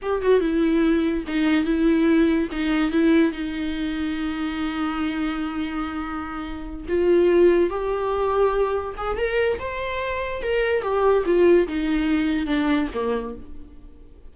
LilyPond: \new Staff \with { instrumentName = "viola" } { \time 4/4 \tempo 4 = 144 g'8 fis'8 e'2 dis'4 | e'2 dis'4 e'4 | dis'1~ | dis'1~ |
dis'8 f'2 g'4.~ | g'4. gis'8 ais'4 c''4~ | c''4 ais'4 g'4 f'4 | dis'2 d'4 ais4 | }